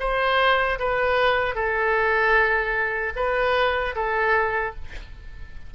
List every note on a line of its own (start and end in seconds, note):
0.00 0.79 C5
0.79 1.55 B4
1.55 3.13 A4
3.16 3.95 B4
3.96 4.75 A4